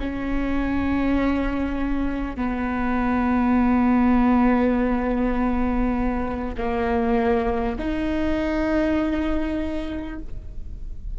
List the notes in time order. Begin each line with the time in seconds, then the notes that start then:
0.00 C#4
2.36 B3
6.58 A#3
7.79 D#4